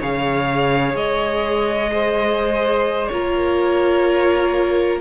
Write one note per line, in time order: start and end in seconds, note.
0.00 0.95 C#3
0.00 3.12 G#4
0.00 1.90 C#5
0.00 0.97 F5
0.95 3.10 G#3
0.95 3.08 D#5
1.92 3.12 C5
3.08 5.01 A#3
3.08 5.01 F4
3.08 5.01 A#4
3.08 4.98 C#5